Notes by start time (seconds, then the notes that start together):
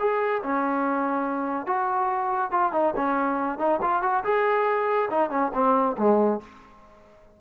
0.00 G#4
0.43 C#4
1.67 F#4
2.52 F4
2.73 D#4
2.96 C#4
3.59 D#4
3.82 F4
4.03 F#4
4.24 G#4
5.11 D#4
5.31 C#4
5.54 C4
5.98 G#3